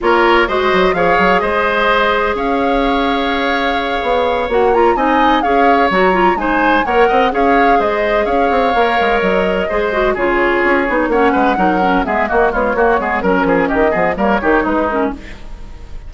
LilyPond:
<<
  \new Staff \with { instrumentName = "flute" } { \time 4/4 \tempo 4 = 127 cis''4 dis''4 f''4 dis''4~ | dis''4 f''2.~ | f''4. fis''8 ais''8 gis''4 f''8~ | f''8 ais''4 gis''4 fis''4 f''8~ |
f''8 dis''4 f''2 dis''8~ | dis''4. cis''2 fis''8~ | fis''4. e''8 dis''8 cis''4. | ais'4 dis''4 cis''4 b'8 ais'8 | }
  \new Staff \with { instrumentName = "oboe" } { \time 4/4 ais'4 c''4 cis''4 c''4~ | c''4 cis''2.~ | cis''2~ cis''8 dis''4 cis''8~ | cis''4. c''4 cis''8 dis''8 cis''8~ |
cis''8 c''4 cis''2~ cis''8~ | cis''8 c''4 gis'2 cis''8 | b'8 ais'4 gis'8 fis'8 f'8 fis'8 gis'8 | ais'8 gis'8 g'8 gis'8 ais'8 g'8 dis'4 | }
  \new Staff \with { instrumentName = "clarinet" } { \time 4/4 f'4 fis'4 gis'2~ | gis'1~ | gis'4. fis'8 f'8 dis'4 gis'8~ | gis'8 fis'8 f'8 dis'4 ais'4 gis'8~ |
gis'2~ gis'8 ais'4.~ | ais'8 gis'8 fis'8 f'4. dis'8 cis'8~ | cis'8 dis'8 cis'8 b8 ais8 gis8 ais8 b8 | cis'4. b8 ais8 dis'4 cis'8 | }
  \new Staff \with { instrumentName = "bassoon" } { \time 4/4 ais4 gis8 fis8 f8 fis8 gis4~ | gis4 cis'2.~ | cis'8 b4 ais4 c'4 cis'8~ | cis'8 fis4 gis4 ais8 c'8 cis'8~ |
cis'8 gis4 cis'8 c'8 ais8 gis8 fis8~ | fis8 gis4 cis4 cis'8 b8 ais8 | gis8 fis4 gis8 ais8 b8 ais8 gis8 | fis8 f8 dis8 f8 g8 dis8 gis4 | }
>>